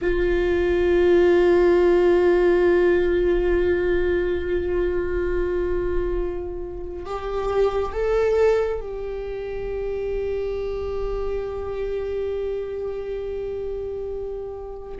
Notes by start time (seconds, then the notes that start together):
0.01 F4
7.05 G4
7.92 A4
8.80 G4